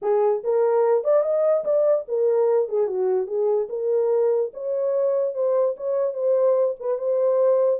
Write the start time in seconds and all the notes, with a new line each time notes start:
0.02 G#4
0.43 A#4
1.04 D5
1.22 D#5
1.64 D5
2.08 A#4
2.68 G#4
2.87 F#4
3.27 G#4
3.69 A#4
4.53 C#5
5.33 C5
5.76 C#5
6.13 C5
6.79 B4
6.98 C5